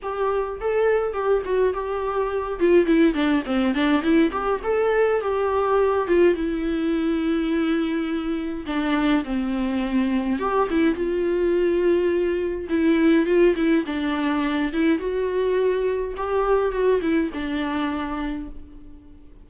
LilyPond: \new Staff \with { instrumentName = "viola" } { \time 4/4 \tempo 4 = 104 g'4 a'4 g'8 fis'8 g'4~ | g'8 f'8 e'8 d'8 c'8 d'8 e'8 g'8 | a'4 g'4. f'8 e'4~ | e'2. d'4 |
c'2 g'8 e'8 f'4~ | f'2 e'4 f'8 e'8 | d'4. e'8 fis'2 | g'4 fis'8 e'8 d'2 | }